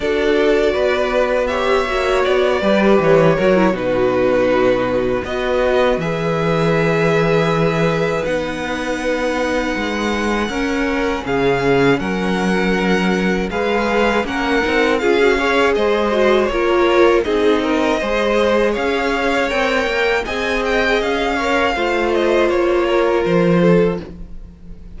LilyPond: <<
  \new Staff \with { instrumentName = "violin" } { \time 4/4 \tempo 4 = 80 d''2 e''4 d''4 | cis''4 b'2 dis''4 | e''2. fis''4~ | fis''2. f''4 |
fis''2 f''4 fis''4 | f''4 dis''4 cis''4 dis''4~ | dis''4 f''4 g''4 gis''8 g''8 | f''4. dis''8 cis''4 c''4 | }
  \new Staff \with { instrumentName = "violin" } { \time 4/4 a'4 b'4 cis''4. b'8~ | b'8 ais'8 fis'2 b'4~ | b'1~ | b'2 ais'4 gis'4 |
ais'2 b'4 ais'4 | gis'8 cis''8 c''4 ais'4 gis'8 ais'8 | c''4 cis''2 dis''4~ | dis''8 cis''8 c''4. ais'4 a'8 | }
  \new Staff \with { instrumentName = "viola" } { \time 4/4 fis'2 g'8 fis'4 g'8~ | g'8 fis'16 e'16 dis'2 fis'4 | gis'2. dis'4~ | dis'2 cis'2~ |
cis'2 gis'4 cis'8 dis'8 | f'16 fis'16 gis'4 fis'8 f'4 dis'4 | gis'2 ais'4 gis'4~ | gis'8 ais'8 f'2. | }
  \new Staff \with { instrumentName = "cello" } { \time 4/4 d'4 b4. ais8 b8 g8 | e8 fis8 b,2 b4 | e2. b4~ | b4 gis4 cis'4 cis4 |
fis2 gis4 ais8 c'8 | cis'4 gis4 ais4 c'4 | gis4 cis'4 c'8 ais8 c'4 | cis'4 a4 ais4 f4 | }
>>